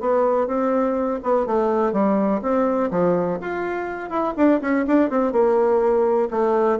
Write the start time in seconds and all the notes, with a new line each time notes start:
0.00 B3
0.47 C4
1.23 B3
1.46 A3
1.92 G3
2.42 C4
2.90 F3
3.41 F4
4.10 E4
4.36 D4
4.61 C#4
4.87 D4
5.10 C4
5.32 A#3
6.31 A3